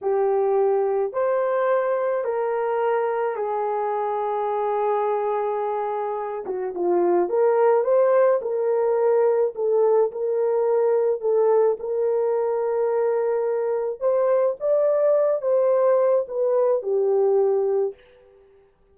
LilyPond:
\new Staff \with { instrumentName = "horn" } { \time 4/4 \tempo 4 = 107 g'2 c''2 | ais'2 gis'2~ | gis'2.~ gis'8 fis'8 | f'4 ais'4 c''4 ais'4~ |
ais'4 a'4 ais'2 | a'4 ais'2.~ | ais'4 c''4 d''4. c''8~ | c''4 b'4 g'2 | }